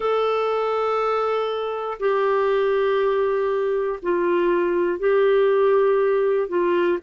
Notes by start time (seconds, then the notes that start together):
0.00 A4
2.00 G4
4.02 F4
4.99 G4
6.48 F4